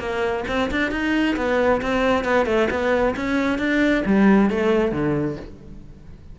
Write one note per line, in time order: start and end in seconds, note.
0.00 0.45 A#3
0.48 0.71 C4
0.71 0.91 D4
0.91 1.36 D#4
1.37 1.81 B3
1.82 2.25 C4
2.25 2.46 B3
2.46 2.69 A3
2.70 3.15 B3
3.16 3.59 C#4
3.59 4.04 D4
4.06 4.50 G3
4.50 4.92 A3
4.92 5.37 D3